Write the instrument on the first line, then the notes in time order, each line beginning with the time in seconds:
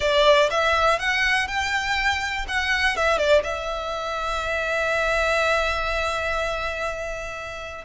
violin
0.00 D5
0.50 E5
0.99 F#5
1.47 G5
2.47 F#5
2.96 E5
3.17 D5
3.43 E5